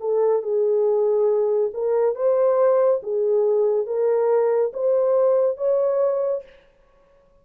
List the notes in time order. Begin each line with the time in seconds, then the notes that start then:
0.00 A4
0.42 G#4
1.74 A#4
2.15 C5
3.03 G#4
3.86 A#4
4.73 C5
5.58 C#5